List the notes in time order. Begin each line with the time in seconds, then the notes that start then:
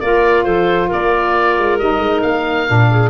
0.00 A#3 F4 A#4 D5
0.44 F3 A4 C5
0.87 A#3 A#4 D5
1.58 G#3
1.78 G3 D#4 D#5
1.98 G#3
2.22 A#3 F5
2.67 A#2 D4
2.90 G#4